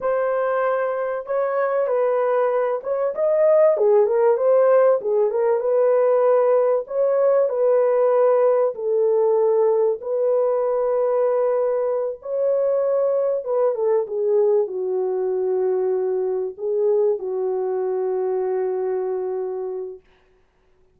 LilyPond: \new Staff \with { instrumentName = "horn" } { \time 4/4 \tempo 4 = 96 c''2 cis''4 b'4~ | b'8 cis''8 dis''4 gis'8 ais'8 c''4 | gis'8 ais'8 b'2 cis''4 | b'2 a'2 |
b'2.~ b'8 cis''8~ | cis''4. b'8 a'8 gis'4 fis'8~ | fis'2~ fis'8 gis'4 fis'8~ | fis'1 | }